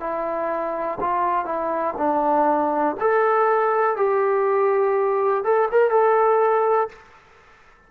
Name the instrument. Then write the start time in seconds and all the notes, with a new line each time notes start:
trombone
0.00 E4
1.00 F4
1.45 E4
1.98 D4
3.00 A4
3.97 G4
5.44 A4
5.71 A#4
5.91 A4